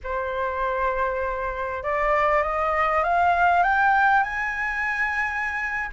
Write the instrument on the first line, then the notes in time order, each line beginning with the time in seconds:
flute
0.03 C5
1.83 D5
2.42 D#5
3.03 F5
3.63 G5
4.23 G#5